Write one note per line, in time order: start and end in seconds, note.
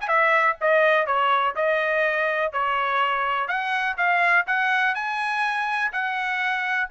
0.00 0.08 G#5
0.08 0.56 E5
0.61 1.06 D#5
1.06 1.55 C#5
1.55 2.52 D#5
2.52 3.48 C#5
3.48 3.96 F#5
3.97 4.45 F5
4.47 4.95 F#5
4.95 5.92 G#5
5.92 6.89 F#5